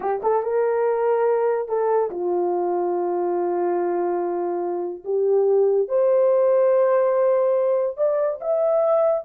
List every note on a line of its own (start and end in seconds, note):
0.00 0.21 G4
0.23 0.42 A4
0.42 1.68 A#4
1.68 2.10 A4
2.10 5.04 F4
5.04 5.88 G4
5.88 7.97 C5
7.97 8.39 D5
8.40 9.24 E5